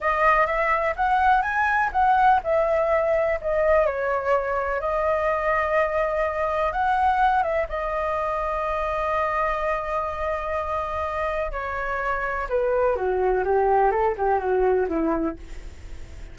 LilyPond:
\new Staff \with { instrumentName = "flute" } { \time 4/4 \tempo 4 = 125 dis''4 e''4 fis''4 gis''4 | fis''4 e''2 dis''4 | cis''2 dis''2~ | dis''2 fis''4. e''8 |
dis''1~ | dis''1 | cis''2 b'4 fis'4 | g'4 a'8 g'8 fis'4 e'4 | }